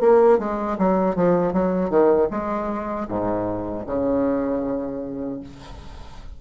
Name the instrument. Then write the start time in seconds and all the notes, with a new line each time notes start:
bassoon
0.00 A#3
0.39 G#3
0.78 F#3
1.15 F3
1.53 F#3
1.90 D#3
2.30 G#3
3.08 G#2
3.86 C#3